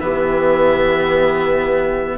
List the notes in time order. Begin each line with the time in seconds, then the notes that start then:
0.00 E3 B3 G4 E5